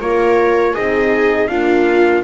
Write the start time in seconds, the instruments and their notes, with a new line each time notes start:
0.00 double bass A#3, horn F4, viola A#4, trumpet C#5
0.73 double bass C4, horn D#4, viola G#4, trumpet D#5
1.47 horn A#3, double bass D4, viola F4, trumpet F5